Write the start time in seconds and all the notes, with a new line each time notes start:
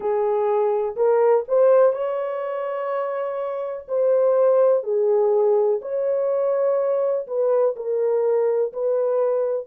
0.00 G#4
0.96 A#4
1.47 C5
1.93 C#5
3.88 C5
4.83 G#4
5.81 C#5
7.27 B4
7.76 A#4
8.73 B4